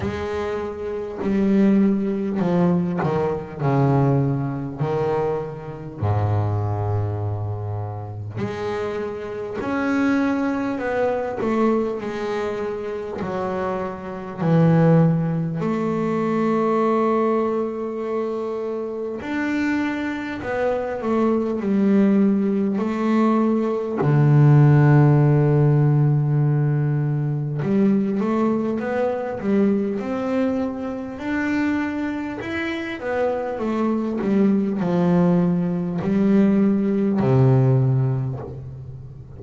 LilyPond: \new Staff \with { instrumentName = "double bass" } { \time 4/4 \tempo 4 = 50 gis4 g4 f8 dis8 cis4 | dis4 gis,2 gis4 | cis'4 b8 a8 gis4 fis4 | e4 a2. |
d'4 b8 a8 g4 a4 | d2. g8 a8 | b8 g8 c'4 d'4 e'8 b8 | a8 g8 f4 g4 c4 | }